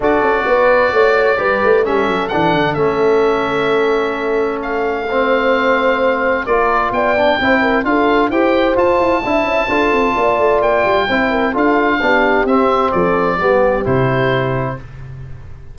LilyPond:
<<
  \new Staff \with { instrumentName = "oboe" } { \time 4/4 \tempo 4 = 130 d''1 | e''4 fis''4 e''2~ | e''2 f''2~ | f''2 d''4 g''4~ |
g''4 f''4 g''4 a''4~ | a''2. g''4~ | g''4 f''2 e''4 | d''2 c''2 | }
  \new Staff \with { instrumentName = "horn" } { \time 4/4 a'4 b'4 cis''4 b'4 | a'1~ | a'2. c''4~ | c''2 ais'4 d''4 |
c''8 ais'8 a'4 c''2 | e''4 a'4 d''2 | c''8 ais'8 a'4 g'2 | a'4 g'2. | }
  \new Staff \with { instrumentName = "trombone" } { \time 4/4 fis'2. g'4 | cis'4 d'4 cis'2~ | cis'2. c'4~ | c'2 f'4. d'8 |
e'4 f'4 g'4 f'4 | e'4 f'2. | e'4 f'4 d'4 c'4~ | c'4 b4 e'2 | }
  \new Staff \with { instrumentName = "tuba" } { \time 4/4 d'8 cis'8 b4 a4 g8 a8 | g8 fis8 e8 d8 a2~ | a1~ | a2 ais4 b4 |
c'4 d'4 e'4 f'8 e'8 | d'8 cis'8 d'8 c'8 ais8 a8 ais8 g8 | c'4 d'4 b4 c'4 | f4 g4 c2 | }
>>